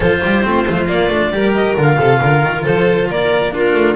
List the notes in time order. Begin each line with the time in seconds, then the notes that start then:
0.00 F3 F4 A4 C5
0.22 G3 G4
0.42 A3 C4 F4
0.67 F3 A3
0.88 A#3 D5
1.08 A3 D4
1.30 G3 G4 A#4
1.54 D#5
1.75 D3 F4 F5
1.97 C3 A4
2.21 D3 A#4
2.43 D#3
2.64 F3 A4 C5
3.10 A#3 A#4 D5
3.51 D4 F4 A#4
3.73 A3